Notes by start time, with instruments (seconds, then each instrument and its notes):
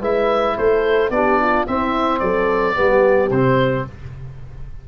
0.00 tuba G#3, trombone E4, horn B4, oboe E5
0.58 tuba A3, horn A4, oboe C5
1.10 tuba B3, trombone D4, horn G4, oboe D5
1.41 horn F4
1.67 trombone C4, tuba C4, horn E4, oboe E5
2.20 tuba F#3, horn A4, oboe D5
2.75 tuba G3, trombone B3, horn G4
3.31 tuba C3, trombone C4, oboe C5